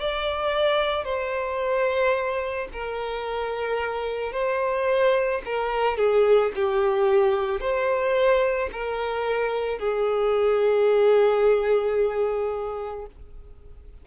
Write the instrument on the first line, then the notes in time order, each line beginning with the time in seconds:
violin
0.00 D5
1.05 C5
2.73 A#4
4.33 C5
5.45 A#4
5.98 G#4
6.56 G4
7.61 C5
8.73 A#4
9.79 G#4